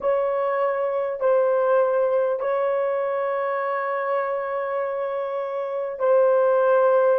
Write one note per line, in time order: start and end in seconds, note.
0.00 1.19 C#5
1.19 2.39 C5
2.39 5.99 C#5
5.99 7.19 C5